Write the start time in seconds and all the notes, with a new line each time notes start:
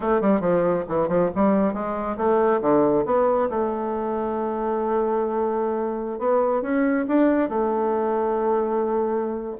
0.00 A3
0.21 G3
0.40 F3
0.88 E3
1.08 F3
1.35 G3
1.73 G#3
2.17 A3
2.61 D3
3.05 B3
3.49 A3
6.19 B3
6.62 C#4
7.08 D4
7.49 A3